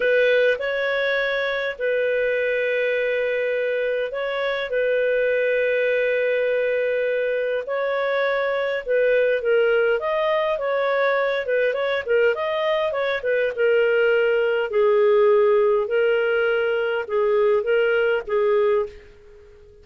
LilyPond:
\new Staff \with { instrumentName = "clarinet" } { \time 4/4 \tempo 4 = 102 b'4 cis''2 b'4~ | b'2. cis''4 | b'1~ | b'4 cis''2 b'4 |
ais'4 dis''4 cis''4. b'8 | cis''8 ais'8 dis''4 cis''8 b'8 ais'4~ | ais'4 gis'2 ais'4~ | ais'4 gis'4 ais'4 gis'4 | }